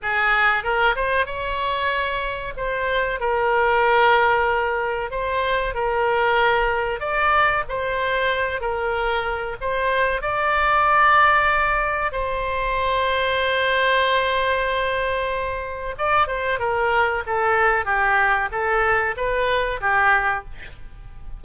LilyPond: \new Staff \with { instrumentName = "oboe" } { \time 4/4 \tempo 4 = 94 gis'4 ais'8 c''8 cis''2 | c''4 ais'2. | c''4 ais'2 d''4 | c''4. ais'4. c''4 |
d''2. c''4~ | c''1~ | c''4 d''8 c''8 ais'4 a'4 | g'4 a'4 b'4 g'4 | }